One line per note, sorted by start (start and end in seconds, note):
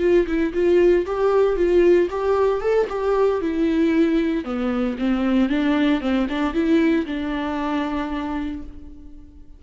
0.00 0.26 F4
0.27 0.53 E4
0.53 1.06 F4
1.06 1.56 G4
1.56 2.08 F4
2.10 2.61 G4
2.61 2.87 A4
2.89 3.41 G4
3.41 4.44 E4
4.44 4.97 B3
4.98 5.49 C4
5.49 6.01 D4
6.01 6.27 C4
6.29 6.53 D4
6.53 7.06 E4
7.06 8.62 D4